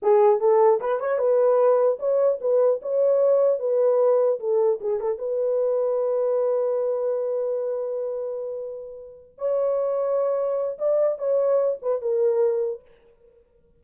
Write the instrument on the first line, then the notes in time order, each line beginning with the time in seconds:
horn
0.02 G#4
0.40 A4
0.80 B4
1.00 C#5
1.18 B4
1.99 C#5
2.40 B4
2.82 C#5
3.59 B4
4.39 A4
4.81 G#4
4.99 A4
5.18 B4
9.38 C#5
10.78 D5
11.18 C#5
11.82 B4
12.01 A#4